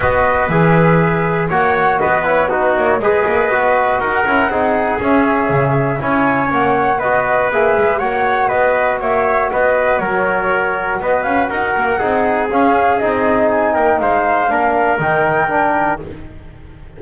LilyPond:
<<
  \new Staff \with { instrumentName = "flute" } { \time 4/4 \tempo 4 = 120 dis''4 e''2 fis''4 | dis''8 cis''8 b'8 cis''8 dis''2 | fis''2 e''2 | gis''4 fis''4 dis''4 e''4 |
fis''4 dis''4 e''4 dis''4 | cis''2 dis''8 f''8 fis''4~ | fis''4 f''4 dis''4 gis''8 g''8 | f''2 g''2 | }
  \new Staff \with { instrumentName = "trumpet" } { \time 4/4 b'2. cis''4 | b'4 fis'4 b'2 | ais'4 gis'2. | cis''2 b'2 |
cis''4 b'4 cis''4 b'4 | ais'2 b'4 ais'4 | gis'2.~ gis'8 ais'8 | c''4 ais'2. | }
  \new Staff \with { instrumentName = "trombone" } { \time 4/4 fis'4 gis'2 fis'4~ | fis'8 e'8 dis'4 gis'4 fis'4~ | fis'8 e'8 dis'4 cis'2 | e'4 cis'4 fis'4 gis'4 |
fis'1~ | fis'1 | dis'4 cis'4 dis'2~ | dis'4 d'4 dis'4 d'4 | }
  \new Staff \with { instrumentName = "double bass" } { \time 4/4 b4 e2 ais4 | b4. ais8 gis8 ais8 b4 | dis'8 cis'8 c'4 cis'4 cis4 | cis'4 ais4 b4 ais8 gis8 |
ais4 b4 ais4 b4 | fis2 b8 cis'8 dis'8 ais8 | c'4 cis'4 c'4. ais8 | gis4 ais4 dis2 | }
>>